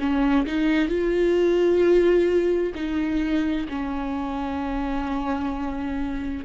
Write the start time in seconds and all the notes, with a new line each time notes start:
0.00 C#4
0.47 D#4
0.89 F4
2.76 D#4
3.69 C#4